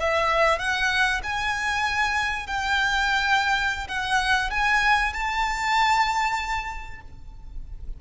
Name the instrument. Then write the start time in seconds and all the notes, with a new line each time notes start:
violin
0.00 E5
0.59 F#5
1.23 G#5
2.47 G5
3.88 F#5
4.50 G#5
5.13 A5